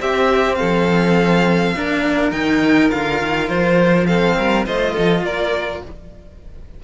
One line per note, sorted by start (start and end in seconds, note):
0.00 0.58 C4
0.00 1.75 C4
0.00 0.59 G4
0.00 0.55 E5
0.55 1.75 A4
0.55 2.30 F5
0.62 1.76 F3
1.75 2.32 A#3
1.75 2.32 D4
1.75 4.08 A#4
2.32 2.91 D#3
2.32 2.90 D#4
2.32 2.90 G5
2.90 3.22 D3
2.90 4.07 F4
2.90 3.49 F5
3.22 3.49 D#3
3.49 4.37 F3
3.49 4.07 C5
4.07 4.66 C4
4.07 4.37 A4
4.07 4.65 F5
4.38 4.67 G3
4.38 4.67 A#4
4.66 4.97 A3
4.66 5.83 F4
4.66 4.93 C5
4.66 5.25 D#5
4.93 5.23 F3
4.93 5.22 A4
5.23 5.82 A#3
5.23 5.84 A#4
5.23 5.83 D5